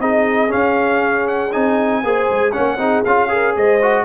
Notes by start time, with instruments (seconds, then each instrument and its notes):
0.00 tuba C4, trombone D#4, horn G#4, trumpet D#5
0.49 trombone C#4, tuba C#4, trumpet F5
1.28 trumpet F#5
1.53 tuba C4, trombone D#4, trumpet G#5
2.03 tuba A#3, trombone G#4, horn C5
2.31 tuba G#3
2.53 tuba A#3, trombone C#4, horn C#5, trumpet F#5
2.78 tuba C4, trombone D#4, horn G#4
3.05 tuba C#4, trombone F4, trumpet F5
3.29 trombone G#4, horn A#4
3.56 tuba G#3, horn C5, trumpet D#5
3.82 trombone F#4